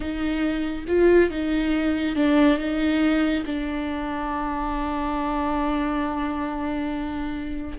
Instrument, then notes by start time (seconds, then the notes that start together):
viola
0.00 D#4
0.87 F4
1.30 D#4
2.15 D4
2.57 D#4
3.46 D4